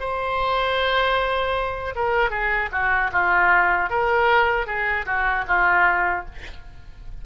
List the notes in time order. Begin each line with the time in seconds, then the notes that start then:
0.00 C5
1.96 A#4
2.31 G#4
2.72 F#4
3.12 F4
3.90 A#4
4.67 G#4
5.06 F#4
5.48 F4